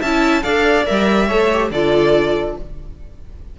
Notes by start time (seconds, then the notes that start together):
0.00 C#4 E4 E5 A5
0.43 D4 A4 D5 F5
0.86 G3 A#4 E5
1.27 A3 A4 C#5
1.53 G4
1.71 D3 F4 A4 D5